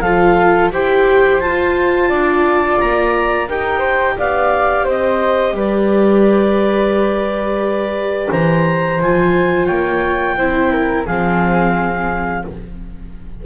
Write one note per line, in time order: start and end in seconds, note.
0.00 0.69 F3
0.00 0.72 F4
0.00 0.71 A4
0.00 0.69 F5
0.72 1.41 E4
0.72 1.41 G4
0.72 2.09 C5
0.72 1.40 G5
1.40 2.09 F4
1.40 3.48 F4
1.40 2.78 A5
2.09 2.78 D4
2.09 3.47 D5
2.79 3.48 A#3
2.79 3.48 A#5
3.48 4.17 D#4
3.48 9.01 G4
3.48 3.78 A#4
3.48 4.18 G5
3.78 4.13 C5
4.18 4.85 B3
4.18 4.84 D5
4.18 4.87 F5
4.84 5.52 C4
4.84 5.53 C5
4.84 5.57 D#5
5.52 8.28 G3
5.52 8.30 B4
5.52 8.32 D5
8.30 9.00 E3
8.30 9.66 C5
8.30 9.01 A#5
9.00 9.69 F3
9.00 10.38 F4
9.00 9.65 G#5
9.65 10.37 A#3
9.65 10.35 C#5
9.65 11.03 G5
10.37 11.06 C4
10.37 11.07 E4
10.37 10.71 C5
10.71 11.06 A#4
11.06 12.44 F3
11.06 12.45 C4
11.06 12.44 G#4
11.06 12.44 F5